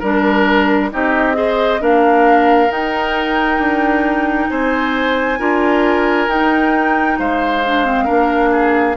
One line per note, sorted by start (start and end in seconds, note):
0.00 0.92 G3
0.00 0.92 D4
0.00 0.90 A#4
0.00 0.91 A#4
0.92 1.81 C4
0.92 1.34 D#4
0.92 1.37 G4
0.92 1.82 D#5
1.34 1.79 G#4
1.34 1.82 C5
1.80 2.69 A#3
1.80 2.70 D4
1.80 4.50 A#4
1.80 2.72 F5
2.69 3.59 D#4
2.69 5.39 D#4
2.69 4.50 G5
3.59 4.48 D4
4.50 5.40 C4
4.50 5.40 C5
4.50 6.29 G#5
5.39 6.28 D4
5.39 6.29 F4
5.39 7.19 A#4
6.28 7.18 D#4
6.28 7.63 D#4
6.28 7.19 G5
7.19 8.09 G#3
7.19 8.05 C5
7.19 8.97 F5
7.66 7.85 D4
7.85 8.07 C4
8.05 8.97 A#3
8.05 8.96 D4
8.05 8.50 A#4
8.52 8.96 G#4